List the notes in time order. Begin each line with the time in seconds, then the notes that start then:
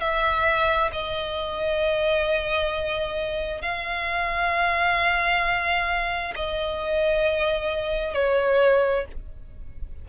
0.00 E5
0.92 D#5
3.62 F5
6.36 D#5
8.14 C#5